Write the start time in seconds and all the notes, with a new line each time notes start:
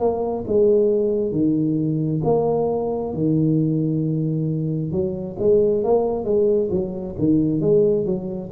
0.00 A#3
0.47 G#3
1.32 D#3
2.24 A#3
3.14 D#3
4.92 F#3
5.39 G#3
5.84 A#3
6.24 G#3
6.71 F#3
7.19 D#3
7.61 G#3
8.06 F#3